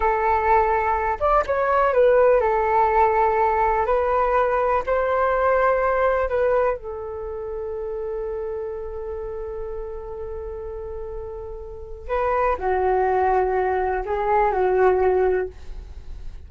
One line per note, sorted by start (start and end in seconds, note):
0.00 1.18 A4
1.20 1.44 D5
1.46 1.93 C#5
1.93 2.40 B4
2.40 3.86 A4
3.86 4.83 B4
4.86 6.28 C5
6.28 6.76 B4
6.76 12.07 A4
12.07 12.56 B4
12.58 14.03 F#4
14.05 14.51 G#4
14.51 15.48 F#4